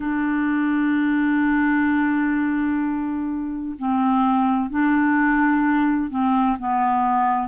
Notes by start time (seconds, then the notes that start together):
0.00 D4
3.78 C4
4.70 D4
6.10 C4
6.58 B3